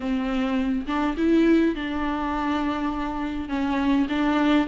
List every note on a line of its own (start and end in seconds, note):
0.00 0.86 C4
0.87 1.16 D4
1.17 1.75 E4
1.75 3.48 D4
3.48 4.07 C#4
4.09 4.67 D4